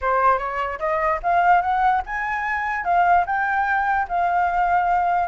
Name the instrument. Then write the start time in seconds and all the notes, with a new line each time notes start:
flute
0.01 C5
0.38 C#5
0.79 D#5
1.22 F5
1.61 F#5
2.05 G#5
2.84 F5
3.26 G5
4.08 F5